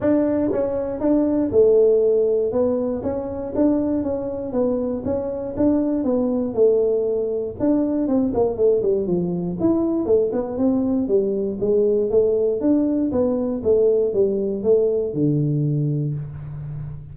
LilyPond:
\new Staff \with { instrumentName = "tuba" } { \time 4/4 \tempo 4 = 119 d'4 cis'4 d'4 a4~ | a4 b4 cis'4 d'4 | cis'4 b4 cis'4 d'4 | b4 a2 d'4 |
c'8 ais8 a8 g8 f4 e'4 | a8 b8 c'4 g4 gis4 | a4 d'4 b4 a4 | g4 a4 d2 | }